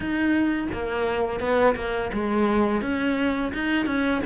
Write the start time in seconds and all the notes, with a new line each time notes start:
0.00 D#4
0.73 A#3
1.40 B3
1.75 A#3
2.13 G#3
2.81 C#4
3.53 D#4
3.86 C#4